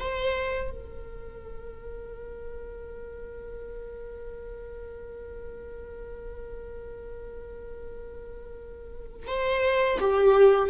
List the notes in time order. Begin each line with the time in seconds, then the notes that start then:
0.00 C5
0.71 A#4
9.27 C5
10.00 G4